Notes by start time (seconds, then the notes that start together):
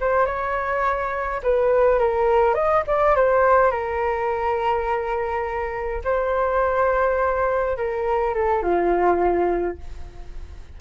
0.00 C5
0.26 C#5
1.43 B4
1.99 A#4
2.54 D#5
2.87 D5
3.15 C5
3.71 A#4
6.04 C5
7.77 A#4
8.34 A4
8.62 F4